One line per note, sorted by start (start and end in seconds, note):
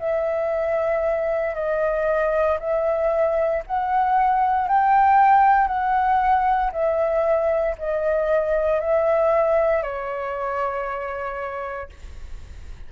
0.00 1.55 E5
1.55 2.59 D#5
2.60 3.63 E5
3.67 4.68 F#5
4.68 5.68 G5
5.68 6.71 F#5
6.72 7.76 E5
7.79 8.81 D#5
8.81 9.83 E5
9.83 11.90 C#5